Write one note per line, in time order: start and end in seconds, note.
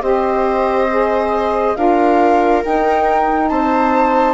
0.00 1.75 C4
0.00 0.87 G4
0.00 1.76 C5
0.00 1.76 D#5
0.90 1.75 G#4
1.75 2.64 D4
1.75 2.62 F4
1.75 3.50 A#4
1.75 2.63 F5
2.64 3.50 D#4
2.64 4.34 D#4
2.64 3.48 G5
3.48 4.34 C4
3.48 4.34 C5
3.48 4.34 A5